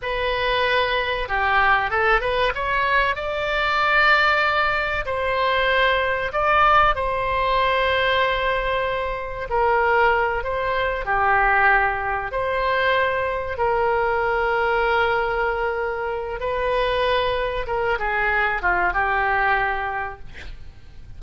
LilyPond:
\new Staff \with { instrumentName = "oboe" } { \time 4/4 \tempo 4 = 95 b'2 g'4 a'8 b'8 | cis''4 d''2. | c''2 d''4 c''4~ | c''2. ais'4~ |
ais'8 c''4 g'2 c''8~ | c''4. ais'2~ ais'8~ | ais'2 b'2 | ais'8 gis'4 f'8 g'2 | }